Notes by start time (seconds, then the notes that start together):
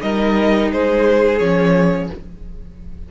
0.00 G3 D#4 A#4 D#5
0.71 G#3 G#4 C5
1.39 F3 C#4 C#5